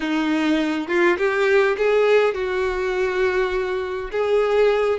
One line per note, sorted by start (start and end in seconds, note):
0.00 0.87 D#4
0.87 1.17 F4
1.17 1.76 G4
1.77 2.34 G#4
2.34 4.10 F#4
4.11 4.99 G#4